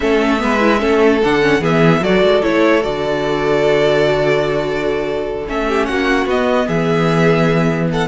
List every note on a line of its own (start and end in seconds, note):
0.00 0.42 A3
0.00 0.38 C#4
0.00 0.41 A4
0.00 1.19 E5
0.38 0.82 G#3
0.38 0.58 B3
0.38 0.80 B4
0.60 0.78 E4
0.78 1.22 A3
0.78 1.19 C#4
0.78 1.60 A4
1.23 1.60 D3
1.23 1.41 D4
1.23 1.63 F#5
1.41 1.61 C#4
1.60 2.00 E3
1.60 2.02 B3
1.60 2.01 G#4
1.60 2.03 E5
2.00 2.21 F#3
2.00 2.42 F#4
2.00 5.67 A4
2.00 2.42 D5
2.21 2.41 G#3
2.42 2.84 A3
2.42 2.81 E4
2.42 2.83 C#5
2.81 5.47 D3
2.81 5.44 F#4
2.81 5.46 D5
5.47 5.89 A3
5.47 6.28 C#4
5.47 5.86 E5
5.67 5.88 G4
5.86 6.25 A#3
5.86 6.67 F#4
5.86 6.26 F#5
6.25 6.66 B3
6.25 8.08 B3
6.25 6.68 D#5
6.67 8.08 E3
6.67 7.88 G#4
6.67 7.89 E5
7.91 8.08 A4
7.91 8.08 F#5